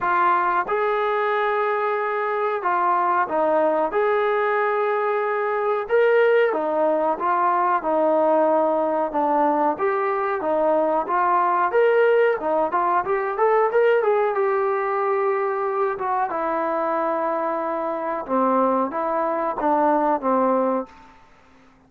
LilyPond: \new Staff \with { instrumentName = "trombone" } { \time 4/4 \tempo 4 = 92 f'4 gis'2. | f'4 dis'4 gis'2~ | gis'4 ais'4 dis'4 f'4 | dis'2 d'4 g'4 |
dis'4 f'4 ais'4 dis'8 f'8 | g'8 a'8 ais'8 gis'8 g'2~ | g'8 fis'8 e'2. | c'4 e'4 d'4 c'4 | }